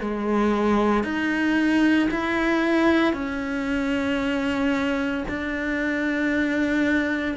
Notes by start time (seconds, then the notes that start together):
0.00 G#3
1.03 D#4
2.11 E4
3.13 C#4
5.28 D4